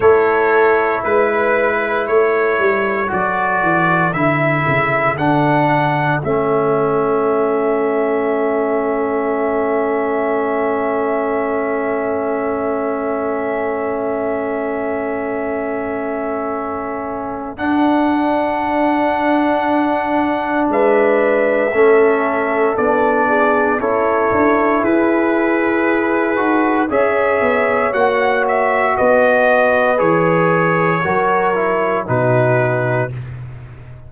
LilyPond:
<<
  \new Staff \with { instrumentName = "trumpet" } { \time 4/4 \tempo 4 = 58 cis''4 b'4 cis''4 d''4 | e''4 fis''4 e''2~ | e''1~ | e''1~ |
e''4 fis''2. | e''2 d''4 cis''4 | b'2 e''4 fis''8 e''8 | dis''4 cis''2 b'4 | }
  \new Staff \with { instrumentName = "horn" } { \time 4/4 a'4 b'4 a'2~ | a'1~ | a'1~ | a'1~ |
a'1 | b'4 a'4. gis'8 a'4 | gis'2 cis''2 | b'2 ais'4 fis'4 | }
  \new Staff \with { instrumentName = "trombone" } { \time 4/4 e'2. fis'4 | e'4 d'4 cis'2~ | cis'1~ | cis'1~ |
cis'4 d'2.~ | d'4 cis'4 d'4 e'4~ | e'4. fis'8 gis'4 fis'4~ | fis'4 gis'4 fis'8 e'8 dis'4 | }
  \new Staff \with { instrumentName = "tuba" } { \time 4/4 a4 gis4 a8 g8 fis8 e8 | d8 cis8 d4 a2~ | a1~ | a1~ |
a4 d'2. | gis4 a4 b4 cis'8 d'8 | e'4. dis'8 cis'8 b8 ais4 | b4 e4 fis4 b,4 | }
>>